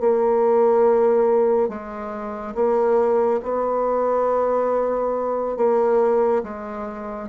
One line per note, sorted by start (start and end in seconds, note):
0.00 1.69 A#3
1.69 2.55 G#3
2.55 3.41 A#3
3.43 5.57 B3
5.57 6.43 A#3
6.43 7.29 G#3